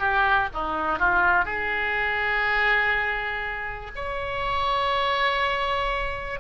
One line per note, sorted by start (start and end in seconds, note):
0.00 0.49 G4
0.54 0.99 D#4
0.99 1.45 F4
1.45 3.91 G#4
3.96 6.40 C#5